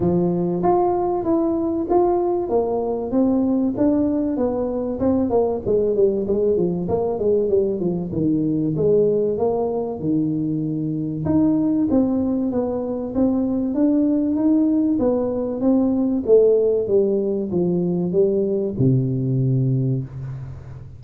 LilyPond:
\new Staff \with { instrumentName = "tuba" } { \time 4/4 \tempo 4 = 96 f4 f'4 e'4 f'4 | ais4 c'4 d'4 b4 | c'8 ais8 gis8 g8 gis8 f8 ais8 gis8 | g8 f8 dis4 gis4 ais4 |
dis2 dis'4 c'4 | b4 c'4 d'4 dis'4 | b4 c'4 a4 g4 | f4 g4 c2 | }